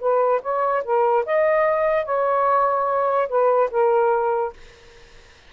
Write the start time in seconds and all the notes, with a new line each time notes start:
0.00 B4
0.42 C#5
0.84 A#4
1.26 D#5
2.05 C#5
3.29 B4
3.71 A#4